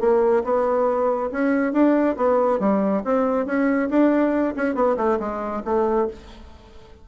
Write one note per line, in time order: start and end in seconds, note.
0.00 0.43 A#3
0.44 1.30 B3
1.32 1.73 C#4
1.73 2.16 D4
2.16 2.60 B3
2.60 3.03 G3
3.05 3.46 C4
3.46 3.89 C#4
3.90 4.55 D4
4.57 4.75 C#4
4.75 4.96 B3
4.97 5.18 A3
5.20 5.63 G#3
5.65 6.08 A3